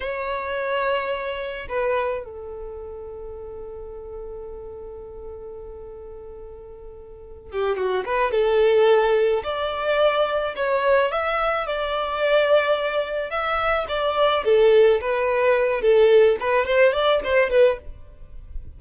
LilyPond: \new Staff \with { instrumentName = "violin" } { \time 4/4 \tempo 4 = 108 cis''2. b'4 | a'1~ | a'1~ | a'4. g'8 fis'8 b'8 a'4~ |
a'4 d''2 cis''4 | e''4 d''2. | e''4 d''4 a'4 b'4~ | b'8 a'4 b'8 c''8 d''8 c''8 b'8 | }